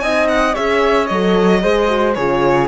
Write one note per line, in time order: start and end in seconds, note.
0.00 0.55 C4
0.00 0.54 D#4
0.00 0.54 D#5
0.00 0.27 G#5
0.28 0.55 F#5
0.54 1.10 C#4
0.54 1.08 G#4
0.54 1.61 C#5
0.54 1.07 E5
1.07 1.64 F#3
1.07 1.61 A4
1.07 2.14 D#5
1.61 2.17 G#3
1.61 1.88 G#4
1.61 2.16 C5
1.88 2.15 F#4
2.15 2.69 C#3
2.15 2.69 F4
2.15 2.69 G#4
2.15 2.68 C#5